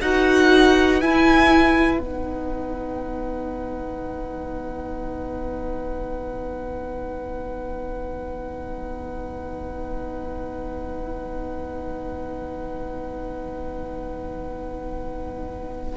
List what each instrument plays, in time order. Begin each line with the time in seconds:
0.00 cello D#4, viola F#4, violin B4 F#5
1.00 viola E4, cello E4, violin G#5
1.98 cello B3, viola D#4, violin F#5